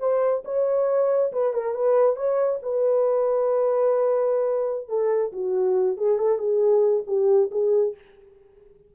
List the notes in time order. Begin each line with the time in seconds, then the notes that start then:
0.00 C5
0.45 C#5
1.33 B4
1.54 A#4
1.74 B4
2.16 C#5
2.63 B4
4.89 A4
5.33 F#4
5.97 G#4
6.19 A4
6.39 G#4
7.07 G4
7.52 G#4